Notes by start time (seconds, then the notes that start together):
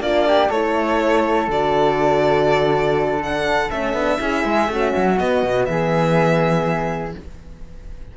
0.00 A#3 D4 F4 D5
0.28 G4
0.50 A3 E4 A4 C#5
1.48 D3 F#4 D5
3.20 D4 F#5
3.71 A3 C#4 E5
3.93 B3 D4
4.19 C#4 E4 G#4
4.44 G#3
4.68 A3 C#4 F#4
4.96 F#3
5.16 B3 D#5
5.43 B2
5.65 E3 G#4 E5